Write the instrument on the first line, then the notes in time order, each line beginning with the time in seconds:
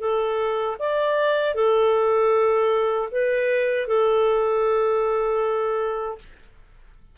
clarinet
0.00 A4
0.79 D5
1.55 A4
3.12 B4
3.88 A4